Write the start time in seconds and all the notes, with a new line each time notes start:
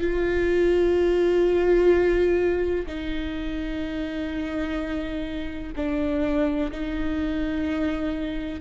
0.00 F4
2.87 D#4
5.76 D4
6.71 D#4